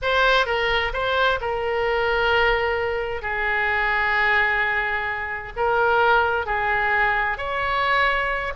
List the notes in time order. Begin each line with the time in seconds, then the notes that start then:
0.01 C5
0.46 A#4
0.93 C5
1.40 A#4
3.22 G#4
5.56 A#4
6.46 G#4
7.37 C#5